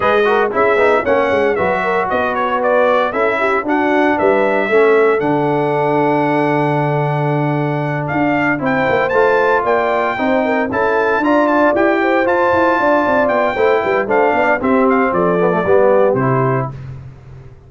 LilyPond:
<<
  \new Staff \with { instrumentName = "trumpet" } { \time 4/4 \tempo 4 = 115 dis''4 e''4 fis''4 e''4 | dis''8 cis''8 d''4 e''4 fis''4 | e''2 fis''2~ | fis''2.~ fis''8 f''8~ |
f''8 g''4 a''4 g''4.~ | g''8 a''4 ais''8 a''8 g''4 a''8~ | a''4. g''4. f''4 | e''8 f''8 d''2 c''4 | }
  \new Staff \with { instrumentName = "horn" } { \time 4/4 b'8 ais'8 gis'4 cis''4 b'8 ais'8 | b'2 a'8 g'8 fis'4 | b'4 a'2.~ | a'1~ |
a'8 c''2 d''4 c''8 | ais'8 a'4 d''4. c''4~ | c''8 d''4. c''8 b'8 c''8 d''8 | g'4 a'4 g'2 | }
  \new Staff \with { instrumentName = "trombone" } { \time 4/4 gis'8 fis'8 e'8 dis'8 cis'4 fis'4~ | fis'2 e'4 d'4~ | d'4 cis'4 d'2~ | d'1~ |
d'8 e'4 f'2 dis'8~ | dis'8 e'4 f'4 g'4 f'8~ | f'2 e'4 d'4 | c'4. b16 a16 b4 e'4 | }
  \new Staff \with { instrumentName = "tuba" } { \time 4/4 gis4 cis'8 b8 ais8 gis8 fis4 | b2 cis'4 d'4 | g4 a4 d2~ | d2.~ d8 d'8~ |
d'8 c'8 ais8 a4 ais4 c'8~ | c'8 cis'4 d'4 e'4 f'8 | e'8 d'8 c'8 b8 a8 g8 a8 b8 | c'4 f4 g4 c4 | }
>>